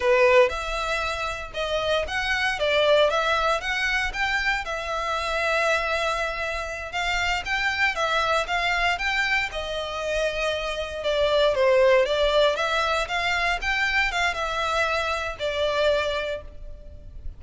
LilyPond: \new Staff \with { instrumentName = "violin" } { \time 4/4 \tempo 4 = 117 b'4 e''2 dis''4 | fis''4 d''4 e''4 fis''4 | g''4 e''2.~ | e''4. f''4 g''4 e''8~ |
e''8 f''4 g''4 dis''4.~ | dis''4. d''4 c''4 d''8~ | d''8 e''4 f''4 g''4 f''8 | e''2 d''2 | }